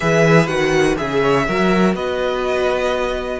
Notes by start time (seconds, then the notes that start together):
0.00 E3 G#4 B4 E5
0.47 D#3 F#4 F#5
0.96 C#3 G#4 E5
1.21 C#5
1.46 F#3 F#4 A#4
1.94 B3 B4 D#5